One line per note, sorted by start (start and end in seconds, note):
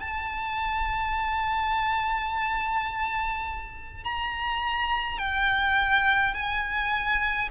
0.00 4.04 A5
4.04 5.19 A#5
5.19 6.34 G5
6.34 7.49 G#5